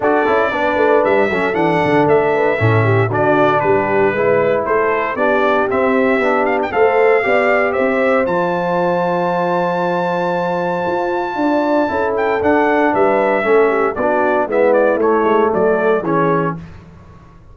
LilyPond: <<
  \new Staff \with { instrumentName = "trumpet" } { \time 4/4 \tempo 4 = 116 d''2 e''4 fis''4 | e''2 d''4 b'4~ | b'4 c''4 d''4 e''4~ | e''8 f''16 g''16 f''2 e''4 |
a''1~ | a''2.~ a''8 g''8 | fis''4 e''2 d''4 | e''8 d''8 cis''4 d''4 cis''4 | }
  \new Staff \with { instrumentName = "horn" } { \time 4/4 a'4 b'4. a'4.~ | a'8 b'8 a'8 g'8 fis'4 g'4 | b'4 a'4 g'2~ | g'4 c''4 d''4 c''4~ |
c''1~ | c''2 d''4 a'4~ | a'4 b'4 a'8 g'8 fis'4 | e'2 a'4 gis'4 | }
  \new Staff \with { instrumentName = "trombone" } { \time 4/4 fis'8 e'8 d'4. cis'8 d'4~ | d'4 cis'4 d'2 | e'2 d'4 c'4 | d'4 a'4 g'2 |
f'1~ | f'2. e'4 | d'2 cis'4 d'4 | b4 a2 cis'4 | }
  \new Staff \with { instrumentName = "tuba" } { \time 4/4 d'8 cis'8 b8 a8 g8 fis8 e8 d8 | a4 a,4 d4 g4 | gis4 a4 b4 c'4 | b4 a4 b4 c'4 |
f1~ | f4 f'4 d'4 cis'4 | d'4 g4 a4 b4 | gis4 a8 gis8 fis4 e4 | }
>>